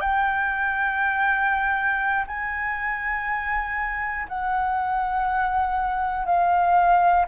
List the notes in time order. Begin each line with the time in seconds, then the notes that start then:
0.00 G5
2.27 G#5
4.28 F#5
6.25 F5